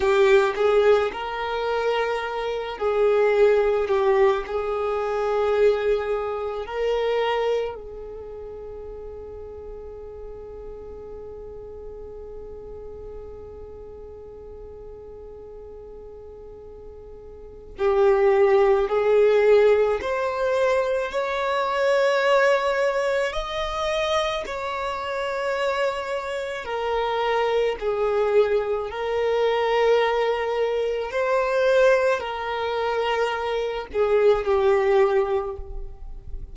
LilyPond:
\new Staff \with { instrumentName = "violin" } { \time 4/4 \tempo 4 = 54 g'8 gis'8 ais'4. gis'4 g'8 | gis'2 ais'4 gis'4~ | gis'1~ | gis'1 |
g'4 gis'4 c''4 cis''4~ | cis''4 dis''4 cis''2 | ais'4 gis'4 ais'2 | c''4 ais'4. gis'8 g'4 | }